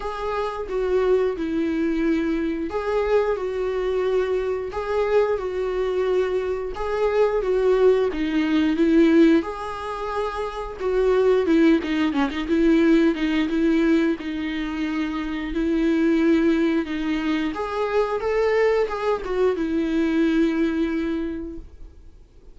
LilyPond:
\new Staff \with { instrumentName = "viola" } { \time 4/4 \tempo 4 = 89 gis'4 fis'4 e'2 | gis'4 fis'2 gis'4 | fis'2 gis'4 fis'4 | dis'4 e'4 gis'2 |
fis'4 e'8 dis'8 cis'16 dis'16 e'4 dis'8 | e'4 dis'2 e'4~ | e'4 dis'4 gis'4 a'4 | gis'8 fis'8 e'2. | }